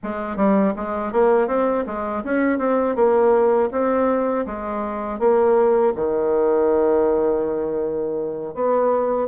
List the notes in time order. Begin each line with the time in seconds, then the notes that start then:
0.03 G#3
0.36 G3
0.75 G#3
1.12 A#3
1.47 C4
1.86 G#3
2.24 C#4
2.58 C4
2.95 A#3
3.71 C4
4.46 G#3
5.19 A#3
5.95 D#3
8.54 B3